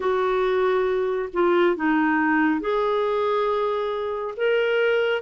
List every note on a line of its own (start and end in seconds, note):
0.00 1.29 F#4
1.33 1.75 F4
1.75 2.60 D#4
2.60 4.34 G#4
4.36 5.21 A#4